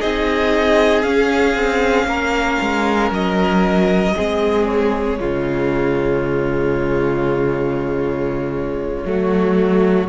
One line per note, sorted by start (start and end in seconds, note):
0.00 1.05 C4
0.00 1.04 D#4
0.00 2.07 G#4
0.00 1.03 D#5
1.03 4.14 C#4
1.03 1.55 C#4
1.03 3.10 F5
1.55 2.06 C4
2.06 2.58 A#3
2.06 4.15 A#4
2.62 3.11 G#3
3.11 4.14 F#3
3.11 4.66 D#5
4.16 5.21 G#3
4.16 5.19 C4
4.16 5.19 G#4
4.66 10.09 C#5
5.19 9.05 C#3
5.19 9.05 G#3
5.19 9.08 F4
9.05 10.08 F#3
9.05 10.09 A3
9.05 10.09 F#4